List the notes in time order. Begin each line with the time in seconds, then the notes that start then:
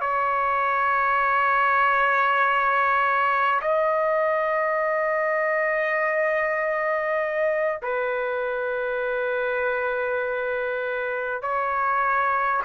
0.00 C#5
3.61 D#5
7.82 B4
11.42 C#5